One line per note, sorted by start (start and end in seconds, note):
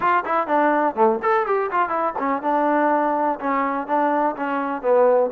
0.00 0.24 F4
0.25 0.47 E4
0.47 0.95 D4
0.95 1.19 A3
1.22 1.46 A4
1.46 1.70 G4
1.71 1.89 F4
1.89 2.13 E4
2.18 2.42 C#4
2.42 3.39 D4
3.39 3.87 C#4
3.87 4.35 D4
4.36 4.81 C#4
4.81 5.30 B3